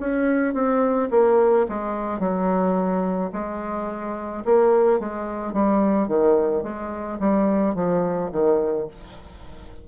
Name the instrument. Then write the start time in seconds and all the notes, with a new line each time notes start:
bassoon
0.00 C#4
0.54 C4
1.11 A#3
1.69 G#3
2.20 F#3
3.33 G#3
4.45 A#3
4.99 G#3
5.54 G3
6.08 D#3
6.63 G#3
7.20 G3
7.75 F3
8.32 D#3